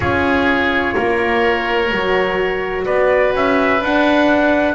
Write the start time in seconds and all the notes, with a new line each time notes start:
0.00 C#4 F4 G#4 C#5
0.94 A#3 A#4
1.91 F#3 F#4
2.85 B3 B4 D5
3.34 C#4 E5
3.81 D4 F#5